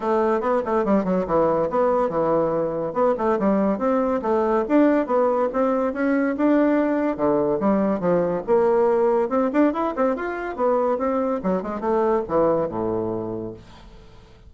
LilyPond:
\new Staff \with { instrumentName = "bassoon" } { \time 4/4 \tempo 4 = 142 a4 b8 a8 g8 fis8 e4 | b4 e2 b8 a8 | g4 c'4 a4 d'4 | b4 c'4 cis'4 d'4~ |
d'4 d4 g4 f4 | ais2 c'8 d'8 e'8 c'8 | f'4 b4 c'4 fis8 gis8 | a4 e4 a,2 | }